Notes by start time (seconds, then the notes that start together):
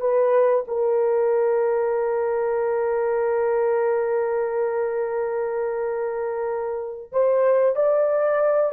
0.00 B4
0.67 A#4
7.12 C5
7.76 D5